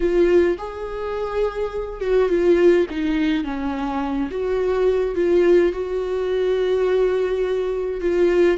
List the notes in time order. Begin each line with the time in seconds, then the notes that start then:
0.00 F4
0.57 G#4
2.01 F#4
2.29 F4
2.89 D#4
3.44 C#4
4.30 F#4
5.15 F4
5.72 F#4
8.01 F4